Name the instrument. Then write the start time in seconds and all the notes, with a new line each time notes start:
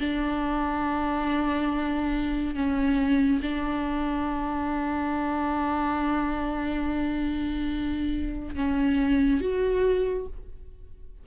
viola
0.00 D4
2.55 C#4
3.42 D4
8.56 C#4
9.41 F#4